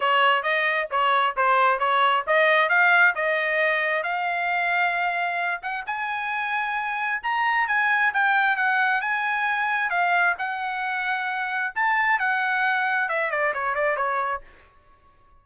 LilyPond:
\new Staff \with { instrumentName = "trumpet" } { \time 4/4 \tempo 4 = 133 cis''4 dis''4 cis''4 c''4 | cis''4 dis''4 f''4 dis''4~ | dis''4 f''2.~ | f''8 fis''8 gis''2. |
ais''4 gis''4 g''4 fis''4 | gis''2 f''4 fis''4~ | fis''2 a''4 fis''4~ | fis''4 e''8 d''8 cis''8 d''8 cis''4 | }